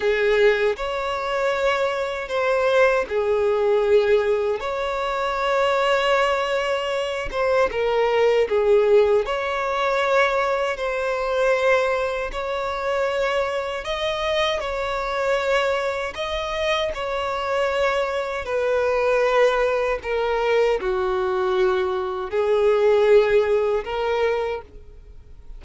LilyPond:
\new Staff \with { instrumentName = "violin" } { \time 4/4 \tempo 4 = 78 gis'4 cis''2 c''4 | gis'2 cis''2~ | cis''4. c''8 ais'4 gis'4 | cis''2 c''2 |
cis''2 dis''4 cis''4~ | cis''4 dis''4 cis''2 | b'2 ais'4 fis'4~ | fis'4 gis'2 ais'4 | }